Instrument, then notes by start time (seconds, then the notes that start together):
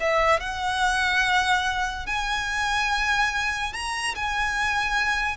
violin
0.00 E5
0.39 F#5
2.06 G#5
3.73 A#5
4.15 G#5